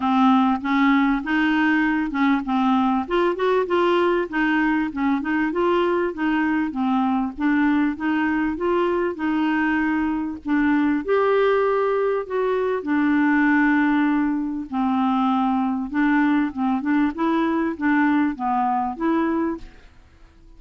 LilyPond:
\new Staff \with { instrumentName = "clarinet" } { \time 4/4 \tempo 4 = 98 c'4 cis'4 dis'4. cis'8 | c'4 f'8 fis'8 f'4 dis'4 | cis'8 dis'8 f'4 dis'4 c'4 | d'4 dis'4 f'4 dis'4~ |
dis'4 d'4 g'2 | fis'4 d'2. | c'2 d'4 c'8 d'8 | e'4 d'4 b4 e'4 | }